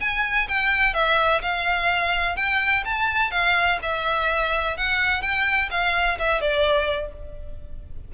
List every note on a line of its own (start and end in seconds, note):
0.00 0.48 G#5
0.48 0.94 G5
0.94 1.41 E5
1.42 2.36 F5
2.36 2.84 G5
2.85 3.31 A5
3.31 3.78 F5
3.82 4.77 E5
4.77 5.21 F#5
5.21 5.69 G5
5.71 6.18 F5
6.18 6.41 E5
6.41 7.12 D5